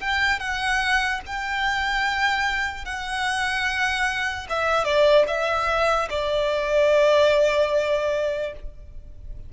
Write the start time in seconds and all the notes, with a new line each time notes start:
0.00 G5
0.39 F#5
1.26 G5
2.85 F#5
4.49 E5
4.85 D5
5.27 E5
6.10 D5